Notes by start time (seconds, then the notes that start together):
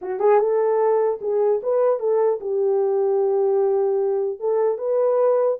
0.01 F#4
0.19 G#4
0.39 A4
1.21 G#4
1.62 B4
1.99 A4
2.40 G4
4.39 A4
4.78 B4